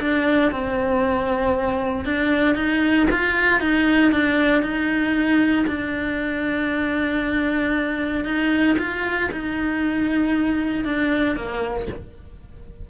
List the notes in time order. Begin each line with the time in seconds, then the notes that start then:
0.00 D4
0.51 C4
2.05 D4
2.55 D#4
3.11 F4
3.60 D#4
4.12 D4
4.62 D#4
5.67 D4
8.25 D#4
8.78 F4
9.32 D#4
10.85 D4
11.36 A#3